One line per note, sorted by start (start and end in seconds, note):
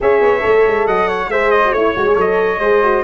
0.00 0.21 C#4
0.00 0.40 G#4
0.00 0.86 C#5
0.00 0.87 E5
0.21 0.43 B3
0.40 0.67 A3
0.40 1.27 A4
0.67 0.86 G#3
0.86 1.28 F#3
0.86 1.07 D#5
0.86 1.30 F#5
1.07 1.29 C#5
1.28 1.71 G#3
1.28 1.64 G#4
1.28 1.74 C5
1.28 1.51 E5
1.51 1.72 D#5
1.64 1.75 F#4
1.71 1.92 A3
1.71 1.96 E4
1.71 2.16 C#5
1.71 2.60 C#5
1.96 2.17 G#3
1.96 2.06 F#4
2.06 2.15 G#4
2.15 2.59 F#3
2.15 2.59 A4
2.15 3.04 D#5
2.59 3.02 G#3
2.59 2.83 G#4
2.59 3.03 C5
2.83 3.04 F#4